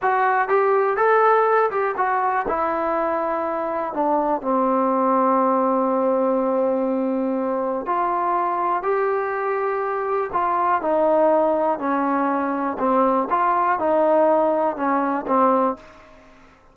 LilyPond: \new Staff \with { instrumentName = "trombone" } { \time 4/4 \tempo 4 = 122 fis'4 g'4 a'4. g'8 | fis'4 e'2. | d'4 c'2.~ | c'1 |
f'2 g'2~ | g'4 f'4 dis'2 | cis'2 c'4 f'4 | dis'2 cis'4 c'4 | }